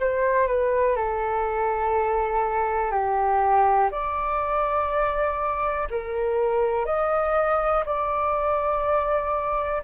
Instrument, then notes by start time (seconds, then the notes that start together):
flute
0.00 C5
0.47 B4
0.96 A4
2.91 G4
3.91 D5
5.90 A#4
6.86 D#5
7.86 D5